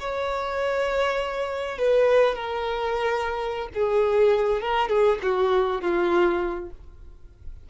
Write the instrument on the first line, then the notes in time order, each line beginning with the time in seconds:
violin
0.00 C#5
1.78 B4
2.35 A#4
3.74 G#4
4.61 A#4
4.89 G#4
5.23 F#4
5.81 F4